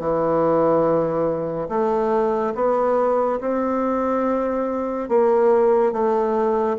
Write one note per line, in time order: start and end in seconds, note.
0.00 1.69 E3
1.69 2.54 A3
2.55 3.40 B3
3.41 5.09 C4
5.09 5.93 A#3
5.93 6.77 A3